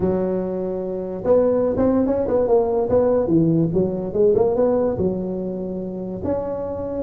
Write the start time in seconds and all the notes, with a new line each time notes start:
0.00 F#3
1.24 B3
1.77 C4
2.06 C#4
2.27 B3
2.47 A#3
2.89 B3
3.27 E3
3.73 F#3
4.13 G#3
4.35 A#3
4.55 B3
4.97 F#3
6.24 C#4